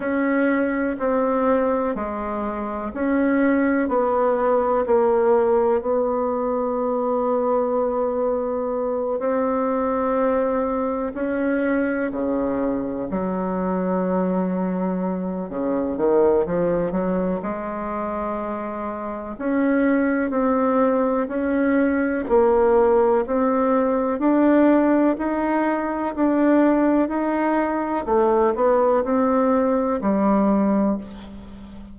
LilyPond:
\new Staff \with { instrumentName = "bassoon" } { \time 4/4 \tempo 4 = 62 cis'4 c'4 gis4 cis'4 | b4 ais4 b2~ | b4. c'2 cis'8~ | cis'8 cis4 fis2~ fis8 |
cis8 dis8 f8 fis8 gis2 | cis'4 c'4 cis'4 ais4 | c'4 d'4 dis'4 d'4 | dis'4 a8 b8 c'4 g4 | }